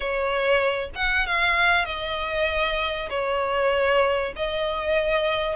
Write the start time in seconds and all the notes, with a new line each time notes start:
0.00 C#5
0.95 F#5
1.26 F5
1.85 D#5
3.09 C#5
4.36 D#5